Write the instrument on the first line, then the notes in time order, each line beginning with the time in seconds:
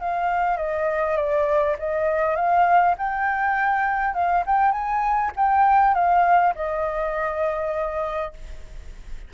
flute
0.00 F5
0.57 D#5
1.17 D5
1.78 D#5
2.36 F5
2.98 G5
4.14 F5
4.46 G5
4.72 G#5
5.36 G5
5.94 F5
6.55 D#5